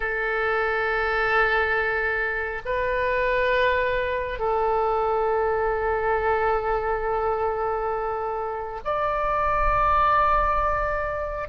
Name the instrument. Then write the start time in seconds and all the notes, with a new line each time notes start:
oboe
0.00 A4
2.65 B4
4.39 A4
8.84 D5